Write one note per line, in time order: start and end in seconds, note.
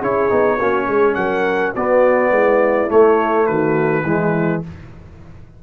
0.00 0.30 C#4
0.00 0.30 E4
0.00 0.57 G#4
0.00 1.14 C#5
0.30 0.60 B3
0.30 0.58 D#4
0.57 0.87 A#3
0.57 1.76 C#4
0.57 0.86 F#4
0.87 1.16 G#3
0.87 1.16 G#4
1.14 1.74 F#3
1.14 1.75 A#4
1.14 1.72 F#5
1.75 2.31 B3
1.75 2.88 B3
1.75 2.32 F#4
1.75 2.91 D5
2.31 2.88 G#3
2.31 3.48 E4
2.88 4.04 A3
2.88 3.49 A3
2.88 3.47 C#5
3.47 4.04 D#3
3.47 4.05 F#4
3.47 4.62 B4
4.04 4.62 E3
4.04 4.63 G#3
4.04 4.63 E4